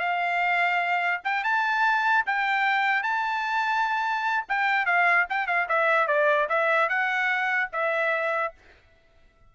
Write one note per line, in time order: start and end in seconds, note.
0.00 1.22 F5
1.24 1.44 G5
1.44 2.25 A5
2.26 3.03 G5
3.03 4.45 A5
4.49 4.86 G5
4.86 5.26 F5
5.29 5.47 G5
5.47 5.68 F5
5.69 6.08 E5
6.08 6.48 D5
6.49 6.89 E5
6.89 7.70 F#5
7.73 8.54 E5